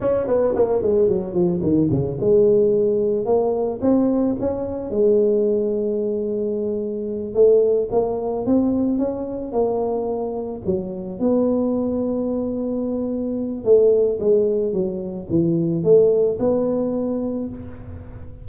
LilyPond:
\new Staff \with { instrumentName = "tuba" } { \time 4/4 \tempo 4 = 110 cis'8 b8 ais8 gis8 fis8 f8 dis8 cis8 | gis2 ais4 c'4 | cis'4 gis2.~ | gis4. a4 ais4 c'8~ |
c'8 cis'4 ais2 fis8~ | fis8 b2.~ b8~ | b4 a4 gis4 fis4 | e4 a4 b2 | }